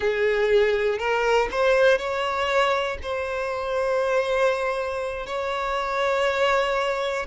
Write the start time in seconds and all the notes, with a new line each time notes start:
0.00 G#4
0.98 A#4
1.50 C5
1.98 C#5
3.02 C5
5.26 C#5